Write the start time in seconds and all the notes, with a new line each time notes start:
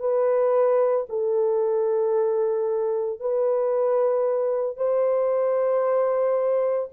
0.00 B4
1.09 A4
3.20 B4
4.77 C5